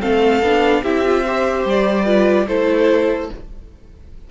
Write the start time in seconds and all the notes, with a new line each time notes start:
0.00 A3 C4 A4 F5
0.42 B3 D4
0.83 C4 E4 G4 E5
1.05 F4
1.25 G4 C5
1.65 G3 D5
2.05 F4 B4
2.47 A3 E4 A4 C5